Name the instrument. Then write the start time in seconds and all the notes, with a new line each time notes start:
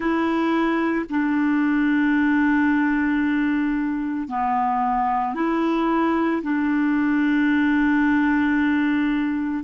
clarinet
0.00 E4
1.10 D4
4.28 B3
5.35 E4
6.42 D4